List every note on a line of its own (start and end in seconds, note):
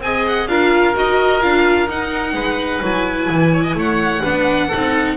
0.00 0.47 C4
0.00 0.49 G#4
0.00 0.50 D#5
0.00 0.26 G#5
0.28 0.48 F#5
0.48 0.95 D4
0.48 0.95 F4
0.48 2.34 A#4
0.48 0.95 F5
0.95 1.43 D#4
0.95 1.41 F#4
0.95 1.42 D#5
1.41 1.88 D4
1.41 1.88 F4
1.41 1.89 F5
1.88 2.33 D#4
1.88 2.82 D#4
1.88 2.84 F#5
2.33 2.80 G#3
2.33 3.52 B4
2.82 3.30 F#3
2.82 4.23 E4
2.82 3.80 G#5
3.31 3.75 E3
3.53 3.63 C#5
3.63 3.75 D#5
3.75 4.22 A3
3.75 4.23 C#5
3.75 5.17 F#5
4.23 4.72 B3
4.23 4.70 D4
4.23 4.68 B4
4.68 5.17 D#4
4.68 5.15 A4
4.75 5.17 C4